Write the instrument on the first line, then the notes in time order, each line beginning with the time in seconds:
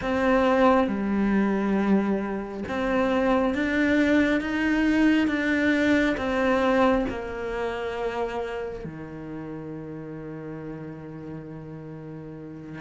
cello
0.01 C4
0.87 G3
2.68 C4
3.54 D4
4.40 D#4
5.27 D4
6.17 C4
7.09 A#3
8.84 D#3